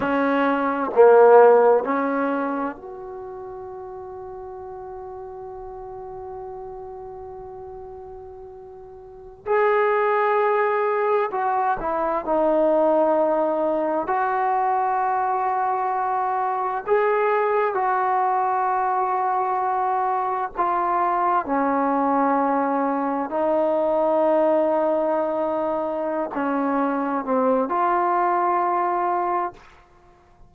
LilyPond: \new Staff \with { instrumentName = "trombone" } { \time 4/4 \tempo 4 = 65 cis'4 ais4 cis'4 fis'4~ | fis'1~ | fis'2~ fis'16 gis'4.~ gis'16~ | gis'16 fis'8 e'8 dis'2 fis'8.~ |
fis'2~ fis'16 gis'4 fis'8.~ | fis'2~ fis'16 f'4 cis'8.~ | cis'4~ cis'16 dis'2~ dis'8.~ | dis'8 cis'4 c'8 f'2 | }